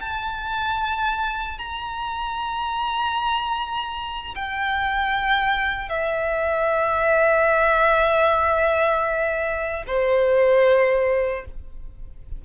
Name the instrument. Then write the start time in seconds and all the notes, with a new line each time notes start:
violin
0.00 A5
1.58 A#5
4.35 G5
5.89 E5
9.87 C5